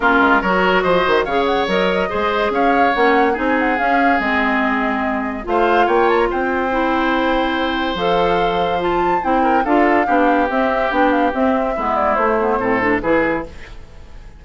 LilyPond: <<
  \new Staff \with { instrumentName = "flute" } { \time 4/4 \tempo 4 = 143 ais'4 cis''4 dis''4 f''8 fis''8 | dis''2 f''4 fis''4 | gis''8 fis''8 f''4 dis''2~ | dis''4 f''4 g''8 a''16 ais''16 g''4~ |
g''2. f''4~ | f''4 a''4 g''4 f''4~ | f''4 e''4 g''8 f''8 e''4~ | e''8 d''8 c''2 b'4 | }
  \new Staff \with { instrumentName = "oboe" } { \time 4/4 f'4 ais'4 c''4 cis''4~ | cis''4 c''4 cis''2 | gis'1~ | gis'4 c''4 cis''4 c''4~ |
c''1~ | c''2~ c''8 ais'8 a'4 | g'1 | e'2 a'4 gis'4 | }
  \new Staff \with { instrumentName = "clarinet" } { \time 4/4 cis'4 fis'2 gis'4 | ais'4 gis'2 cis'4 | dis'4 cis'4 c'2~ | c'4 f'2. |
e'2. a'4~ | a'4 f'4 e'4 f'4 | d'4 c'4 d'4 c'4 | b4 a8 b8 c'8 d'8 e'4 | }
  \new Staff \with { instrumentName = "bassoon" } { \time 4/4 ais8 gis8 fis4 f8 dis8 cis4 | fis4 gis4 cis'4 ais4 | c'4 cis'4 gis2~ | gis4 a4 ais4 c'4~ |
c'2. f4~ | f2 c'4 d'4 | b4 c'4 b4 c'4 | gis4 a4 a,4 e4 | }
>>